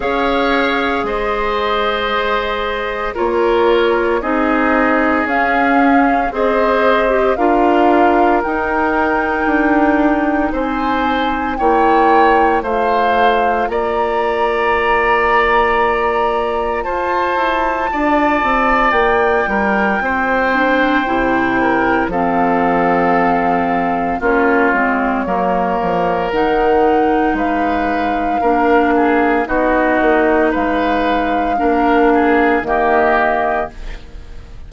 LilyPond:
<<
  \new Staff \with { instrumentName = "flute" } { \time 4/4 \tempo 4 = 57 f''4 dis''2 cis''4 | dis''4 f''4 dis''4 f''4 | g''2 gis''4 g''4 | f''4 ais''2. |
a''2 g''2~ | g''4 f''2 cis''4~ | cis''4 fis''4 f''2 | dis''4 f''2 dis''4 | }
  \new Staff \with { instrumentName = "oboe" } { \time 4/4 cis''4 c''2 ais'4 | gis'2 c''4 ais'4~ | ais'2 c''4 cis''4 | c''4 d''2. |
c''4 d''4. ais'8 c''4~ | c''8 ais'8 a'2 f'4 | ais'2 b'4 ais'8 gis'8 | fis'4 b'4 ais'8 gis'8 g'4 | }
  \new Staff \with { instrumentName = "clarinet" } { \time 4/4 gis'2. f'4 | dis'4 cis'4 gis'8. g'16 f'4 | dis'2. e'4 | f'1~ |
f'2.~ f'8 d'8 | e'4 c'2 cis'8 c'8 | ais4 dis'2 d'4 | dis'2 d'4 ais4 | }
  \new Staff \with { instrumentName = "bassoon" } { \time 4/4 cis'4 gis2 ais4 | c'4 cis'4 c'4 d'4 | dis'4 d'4 c'4 ais4 | a4 ais2. |
f'8 e'8 d'8 c'8 ais8 g8 c'4 | c4 f2 ais8 gis8 | fis8 f8 dis4 gis4 ais4 | b8 ais8 gis4 ais4 dis4 | }
>>